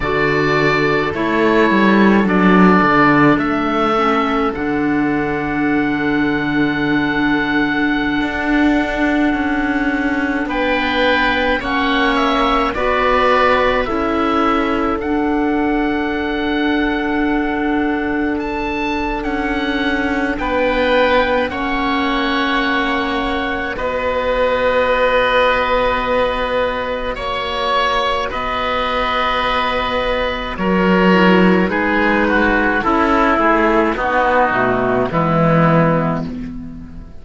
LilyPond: <<
  \new Staff \with { instrumentName = "oboe" } { \time 4/4 \tempo 4 = 53 d''4 cis''4 d''4 e''4 | fis''1~ | fis''4~ fis''16 g''4 fis''8 e''8 d''8.~ | d''16 e''4 fis''2~ fis''8.~ |
fis''16 a''8. fis''4 g''4 fis''4~ | fis''4 dis''2. | cis''4 dis''2 cis''4 | b'4 a'8 gis'8 fis'4 e'4 | }
  \new Staff \with { instrumentName = "oboe" } { \time 4/4 a'1~ | a'1~ | a'4~ a'16 b'4 cis''4 b'8.~ | b'16 a'2.~ a'8.~ |
a'2 b'4 cis''4~ | cis''4 b'2. | cis''4 b'2 ais'4 | gis'8 fis'8 e'4 dis'4 b4 | }
  \new Staff \with { instrumentName = "clarinet" } { \time 4/4 fis'4 e'4 d'4. cis'8 | d'1~ | d'2~ d'16 cis'4 fis'8.~ | fis'16 e'4 d'2~ d'8.~ |
d'2. cis'4~ | cis'4 fis'2.~ | fis'2.~ fis'8 e'8 | dis'4 e'4 b8 a8 gis4 | }
  \new Staff \with { instrumentName = "cello" } { \time 4/4 d4 a8 g8 fis8 d8 a4 | d2.~ d16 d'8.~ | d'16 cis'4 b4 ais4 b8.~ | b16 cis'4 d'2~ d'8.~ |
d'4 cis'4 b4 ais4~ | ais4 b2. | ais4 b2 fis4 | gis4 cis'8 a8 b8 b,8 e4 | }
>>